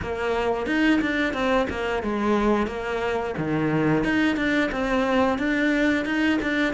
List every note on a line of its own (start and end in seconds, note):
0.02 0.66 A#3
0.66 1.00 D#4
1.01 1.33 D4
1.33 1.67 C4
1.69 2.02 A#3
2.02 2.66 G#3
2.66 3.34 A#3
3.37 4.04 D#3
4.04 4.36 D#4
4.36 4.70 D4
4.71 5.38 C4
5.38 6.05 D4
6.05 6.39 D#4
6.42 6.73 D4